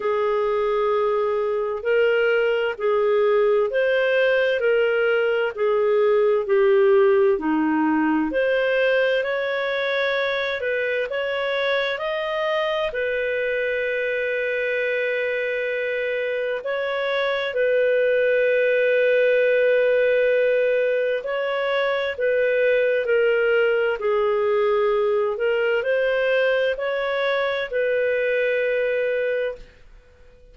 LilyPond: \new Staff \with { instrumentName = "clarinet" } { \time 4/4 \tempo 4 = 65 gis'2 ais'4 gis'4 | c''4 ais'4 gis'4 g'4 | dis'4 c''4 cis''4. b'8 | cis''4 dis''4 b'2~ |
b'2 cis''4 b'4~ | b'2. cis''4 | b'4 ais'4 gis'4. ais'8 | c''4 cis''4 b'2 | }